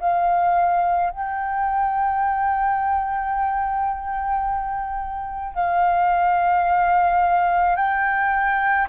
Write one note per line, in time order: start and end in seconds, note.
0.00 1.10 F5
1.10 5.54 G5
5.54 7.76 F5
7.76 8.87 G5